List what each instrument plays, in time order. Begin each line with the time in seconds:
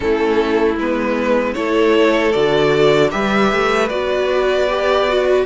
0.00 cello A3, viola C#4, violin E4 A4
0.76 cello G#3, viola B3, violin B4
1.54 cello A3, viola E4, violin A4 C#5
2.31 cello D3, viola F#4, violin D5
3.10 cello G3, viola G4, violin B4 E5
3.52 cello A3
3.88 cello B3, viola F#4, violin D5
4.69 viola G4
5.08 viola F#4